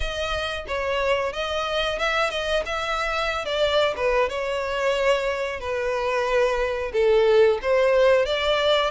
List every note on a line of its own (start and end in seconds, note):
0.00 0.65 D#5
0.67 1.32 C#5
1.32 1.98 D#5
1.98 2.30 E5
2.30 2.63 D#5
2.65 3.45 E5
3.45 3.94 D5
3.96 4.29 B4
4.29 5.60 C#5
5.60 6.91 B4
6.93 7.59 A4
7.62 8.25 C5
8.25 8.90 D5